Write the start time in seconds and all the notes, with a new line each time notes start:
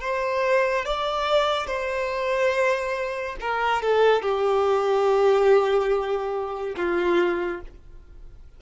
0.00 C5
0.85 D5
1.66 C5
3.40 A#4
3.81 A4
4.21 G4
6.76 F4